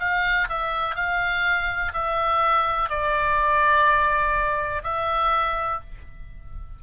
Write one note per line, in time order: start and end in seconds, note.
0.00 0.48 F5
0.49 0.95 E5
0.95 1.92 F5
1.94 2.89 E5
2.89 4.83 D5
4.83 5.80 E5